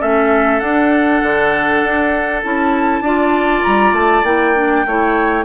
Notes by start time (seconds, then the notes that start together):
0.00 A3 C#4 A4 E5
0.60 D4 F#5
1.22 D3
1.83 D4
2.43 C#4 E4 A5
3.01 D4 F4 D5
3.63 G3 A#5
3.92 A3 A5
4.23 A#3 E4 G5
4.55 D4
4.86 A3 E4 C#5